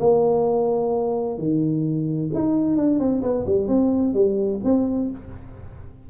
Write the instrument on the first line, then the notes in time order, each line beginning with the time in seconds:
tuba
0.00 A#3
1.38 D#3
2.35 D#4
2.77 D4
3.00 C4
3.23 B3
3.47 G3
3.68 C4
4.14 G3
4.64 C4